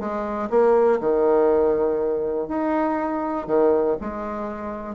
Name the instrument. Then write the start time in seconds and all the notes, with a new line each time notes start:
bassoon
0.00 G#3
0.50 A#3
1.00 D#3
2.48 D#4
3.47 D#3
4.01 G#3